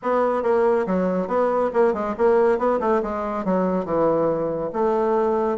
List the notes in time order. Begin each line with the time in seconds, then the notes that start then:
0.02 B3
0.43 A#3
0.86 F#3
1.27 B3
1.73 A#3
1.93 G#3
2.17 A#3
2.58 B3
2.80 A3
3.02 G#3
3.44 F#3
3.85 E3
4.73 A3